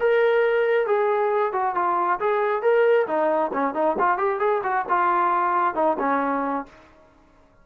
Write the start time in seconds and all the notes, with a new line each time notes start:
0.00 A#4
0.87 G#4
1.53 F#4
1.75 F4
2.20 G#4
2.62 A#4
3.07 D#4
3.53 C#4
3.74 D#4
3.99 F4
4.18 G4
4.40 G#4
4.63 F#4
4.89 F4
5.75 D#4
5.99 C#4